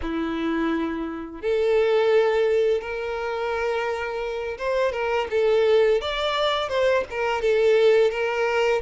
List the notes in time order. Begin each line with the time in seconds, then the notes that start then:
0.01 E4
1.41 A4
2.81 A#4
4.58 C5
4.92 A#4
5.30 A4
6.01 D5
6.68 C5
7.10 A#4
7.41 A4
8.10 A#4